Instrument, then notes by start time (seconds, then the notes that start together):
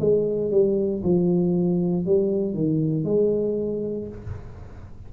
tuba
0.00 G#3
0.51 G3
1.03 F3
2.06 G3
2.54 D#3
3.05 G#3